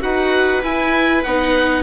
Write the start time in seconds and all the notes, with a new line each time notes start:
0.00 D#4 F#4 B4 F#5
0.63 E4 G#5
1.24 B3 D#4 F#5